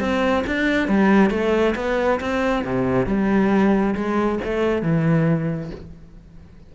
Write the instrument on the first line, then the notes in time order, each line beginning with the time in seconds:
cello
0.00 C4
0.47 D4
0.88 G3
1.30 A3
1.75 B3
2.20 C4
2.64 C3
3.06 G3
3.95 G#3
4.44 A3
4.82 E3